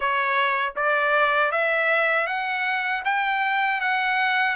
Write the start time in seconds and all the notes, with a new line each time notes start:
0.00 C#5
0.76 D5
1.51 E5
2.26 F#5
3.04 G5
3.80 F#5